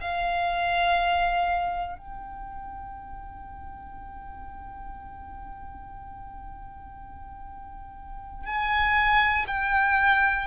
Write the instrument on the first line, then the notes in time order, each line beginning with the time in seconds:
violin
0.00 F5
1.98 G5
8.45 G#5
9.47 G5